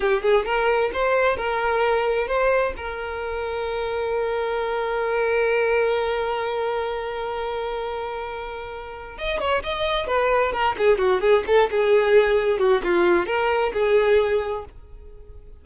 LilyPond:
\new Staff \with { instrumentName = "violin" } { \time 4/4 \tempo 4 = 131 g'8 gis'8 ais'4 c''4 ais'4~ | ais'4 c''4 ais'2~ | ais'1~ | ais'1~ |
ais'1 | dis''8 cis''8 dis''4 b'4 ais'8 gis'8 | fis'8 gis'8 a'8 gis'2 fis'8 | f'4 ais'4 gis'2 | }